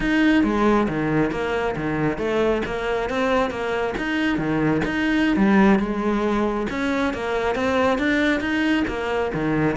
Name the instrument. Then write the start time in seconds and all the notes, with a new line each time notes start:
cello
0.00 D#4
0.43 G#3
0.88 D#3
1.31 A#3
1.75 D#3
2.18 A3
2.65 A#3
3.09 C4
3.50 A#3
3.97 D#4
4.38 D#3
4.85 D#4
5.36 G3
5.79 G#3
6.69 C#4
7.13 A#3
7.55 C4
7.98 D4
8.40 D#4
8.87 A#3
9.34 D#3